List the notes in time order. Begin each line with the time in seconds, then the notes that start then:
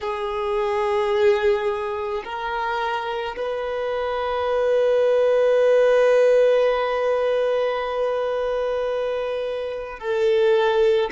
0.01 G#4
2.24 A#4
3.36 B4
9.98 A4